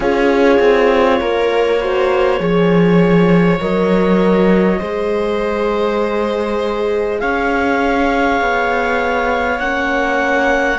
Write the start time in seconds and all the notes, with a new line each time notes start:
0.00 C#4 F4 G#4 C#5
0.59 C4
1.20 A#3 A#4
1.80 F#4 C5
2.39 F3 G#4 C#5
3.60 F#3 A#4 D#5
4.79 G#3 G#4 C5
7.19 C#4 C#5 F5
8.41 B3
9.58 A#3 C#4 F#5